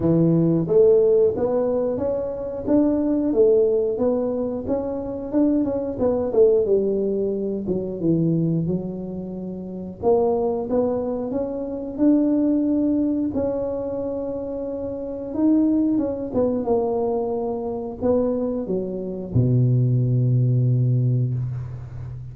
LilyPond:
\new Staff \with { instrumentName = "tuba" } { \time 4/4 \tempo 4 = 90 e4 a4 b4 cis'4 | d'4 a4 b4 cis'4 | d'8 cis'8 b8 a8 g4. fis8 | e4 fis2 ais4 |
b4 cis'4 d'2 | cis'2. dis'4 | cis'8 b8 ais2 b4 | fis4 b,2. | }